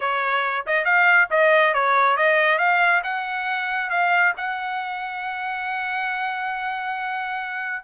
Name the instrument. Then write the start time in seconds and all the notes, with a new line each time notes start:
trumpet
0.00 C#5
0.66 D#5
0.85 F5
1.30 D#5
1.74 C#5
2.16 D#5
2.58 F5
3.03 F#5
3.90 F5
4.37 F#5